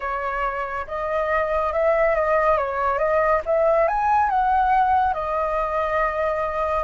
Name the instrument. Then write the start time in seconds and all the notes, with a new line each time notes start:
flute
0.00 C#5
0.87 D#5
1.73 E5
2.15 D#5
2.57 C#5
2.98 D#5
3.45 E5
3.88 G#5
4.29 F#5
5.13 D#5